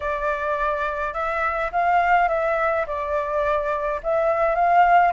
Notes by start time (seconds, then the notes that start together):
0.00 D5
1.13 E5
1.72 F5
2.28 E5
2.86 D5
4.03 E5
4.55 F5